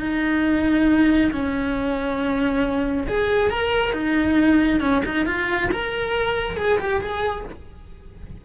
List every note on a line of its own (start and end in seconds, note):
0.00 1.31 D#4
1.32 3.07 C#4
3.08 3.50 G#4
3.50 3.93 A#4
3.93 4.80 D#4
4.80 5.02 C#4
5.05 5.26 D#4
5.26 5.70 F4
5.71 6.57 A#4
6.57 6.78 G#4
6.79 7.01 G4
7.01 7.45 G#4